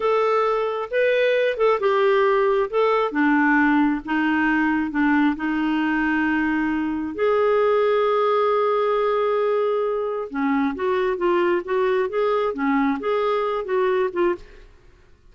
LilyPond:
\new Staff \with { instrumentName = "clarinet" } { \time 4/4 \tempo 4 = 134 a'2 b'4. a'8 | g'2 a'4 d'4~ | d'4 dis'2 d'4 | dis'1 |
gis'1~ | gis'2. cis'4 | fis'4 f'4 fis'4 gis'4 | cis'4 gis'4. fis'4 f'8 | }